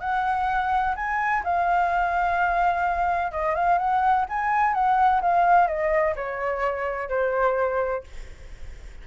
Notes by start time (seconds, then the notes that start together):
0.00 F#5
0.95 G#5
1.44 F5
3.32 D#5
3.55 F5
3.78 F#5
4.29 G#5
4.73 F#5
5.21 F5
5.67 D#5
6.16 C#5
7.09 C5